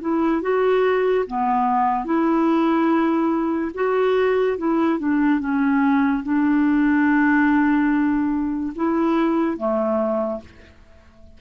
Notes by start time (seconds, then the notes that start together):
0.00 E4
0.41 F#4
1.27 B3
2.05 E4
3.74 F#4
4.58 E4
4.98 D4
5.39 C#4
6.23 D4
8.76 E4
9.57 A3